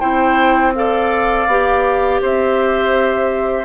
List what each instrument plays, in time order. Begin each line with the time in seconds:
0.00 bassoon C4, clarinet E4, oboe C5, flute G5
0.75 clarinet A4, oboe D5, flute F5
1.47 bassoon B3, clarinet G4
2.22 bassoon C4, oboe C5, flute E5